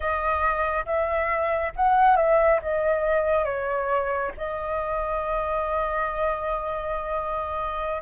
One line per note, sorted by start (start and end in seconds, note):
0.00 0.85 D#5
0.85 1.72 E5
1.75 2.16 F#5
2.16 2.59 E5
2.62 3.44 D#5
3.44 4.31 C#5
4.37 8.02 D#5